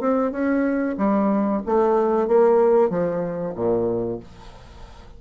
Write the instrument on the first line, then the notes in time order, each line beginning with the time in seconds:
bassoon
0.00 C4
0.32 C#4
0.98 G3
1.66 A3
2.28 A#3
2.90 F3
3.55 A#2